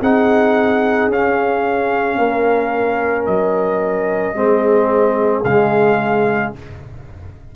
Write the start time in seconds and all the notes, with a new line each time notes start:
0.00 C4 D#4 G#4 F#5
1.07 C#4 F5
2.17 A#3 A#4
3.25 F#3 D#5
4.33 G#3 C4 G#4
5.43 C#3 G#3 F5